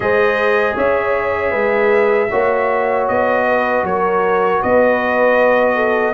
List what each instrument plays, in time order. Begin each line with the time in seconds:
0.00 tuba G#3, trombone G#4, horn C5, trumpet D#5
0.75 tuba C#4, horn C#5, trumpet E5
1.50 tuba G#3, horn B4
2.30 tuba A#3, trombone F#4, horn C#5
3.08 tuba B3, trumpet D#5
3.48 horn B4
3.82 tuba F#3, horn A#4, trumpet C#5
4.61 tuba B3, horn B4, trumpet D#5
5.75 horn A4